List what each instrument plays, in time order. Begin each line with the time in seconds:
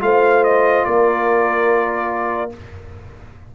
0.00 tuba A3, trombone F4, horn C5, trumpet F5
0.44 trumpet D#5
0.85 tuba A#3, horn A#4, trumpet D5